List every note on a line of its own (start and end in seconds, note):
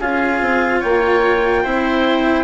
0.00 0.41 C#4
0.00 1.65 F4
0.00 0.80 G#4
0.00 0.82 F5
0.41 0.82 C4
0.80 1.66 A#3
0.80 1.63 C#5
0.80 2.45 G5
1.63 2.45 C4
1.63 2.45 E4
1.63 2.45 C5